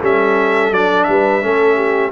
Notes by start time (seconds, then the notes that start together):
0.00 G3 C#4 A4 E5
0.71 F#3 D4 D5
1.04 G3 E5
1.10 B4
1.41 A3 C#4 A4
1.76 G4